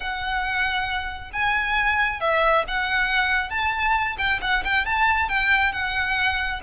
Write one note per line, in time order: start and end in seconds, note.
0.00 1.30 F#5
1.32 2.20 G#5
2.20 2.64 E5
2.67 3.50 F#5
3.50 4.16 A5
4.18 4.40 G5
4.41 4.63 F#5
4.64 4.85 G5
4.85 5.28 A5
5.28 5.72 G5
5.72 6.60 F#5